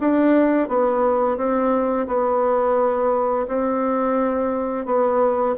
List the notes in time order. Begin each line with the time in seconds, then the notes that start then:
0.00 D4
0.68 B3
1.38 C4
2.07 B3
3.48 C4
4.86 B3